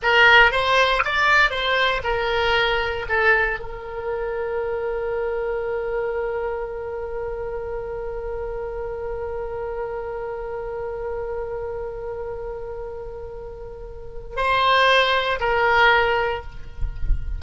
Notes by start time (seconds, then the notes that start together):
0.02 A#4
0.51 C5
1.04 D5
1.50 C5
2.03 A#4
3.08 A4
3.59 A#4
14.36 C5
15.39 A#4